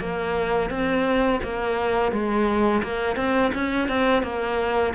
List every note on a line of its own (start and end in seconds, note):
0.00 0.70 A#3
0.70 1.41 C4
1.43 2.12 A#3
2.12 2.83 G#3
2.83 3.16 A#3
3.16 3.51 C4
3.54 3.88 C#4
3.88 4.23 C4
4.23 4.93 A#3